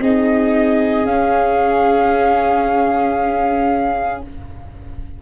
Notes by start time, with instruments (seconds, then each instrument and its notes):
0.00 tuba C4, viola D#4, violin G#4, flute D#5
1.05 tuba C#4, viola C#4, flute F5